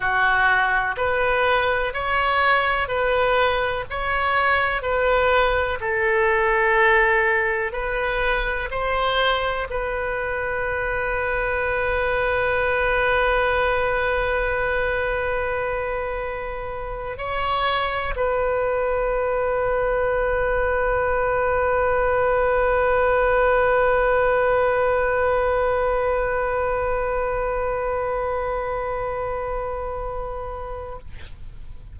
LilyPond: \new Staff \with { instrumentName = "oboe" } { \time 4/4 \tempo 4 = 62 fis'4 b'4 cis''4 b'4 | cis''4 b'4 a'2 | b'4 c''4 b'2~ | b'1~ |
b'4.~ b'16 cis''4 b'4~ b'16~ | b'1~ | b'1~ | b'1 | }